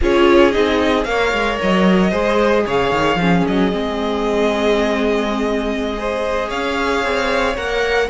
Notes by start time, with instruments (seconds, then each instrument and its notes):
0.01 cello C#4, viola F4, violin G#4 C#5
0.51 cello C4, viola D#4, violin D#5
1.04 cello A#3, viola A#4, violin C#5 F5
1.32 cello G#3
1.62 cello F#3, violin D#5
2.10 cello G#3, viola G#4, violin C5
2.66 cello C#3, violin C#5 F5
2.92 cello D#3
3.15 cello F3, viola C#4, violin G#4
3.46 cello F#3, violin D#5
3.71 cello G#3, viola C4
5.96 viola G#4, violin C5
6.48 cello C#4, violin C#5 F5
7.03 cello C4
7.56 cello A#3, viola A#4, violin F#5